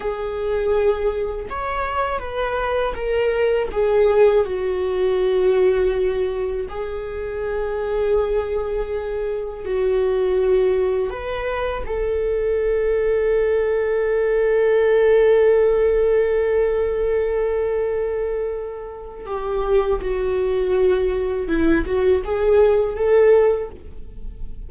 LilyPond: \new Staff \with { instrumentName = "viola" } { \time 4/4 \tempo 4 = 81 gis'2 cis''4 b'4 | ais'4 gis'4 fis'2~ | fis'4 gis'2.~ | gis'4 fis'2 b'4 |
a'1~ | a'1~ | a'2 g'4 fis'4~ | fis'4 e'8 fis'8 gis'4 a'4 | }